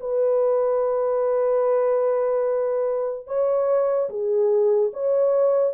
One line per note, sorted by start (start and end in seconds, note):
0.00 3.27 B4
3.27 4.09 C#5
4.09 4.92 G#4
4.93 5.73 C#5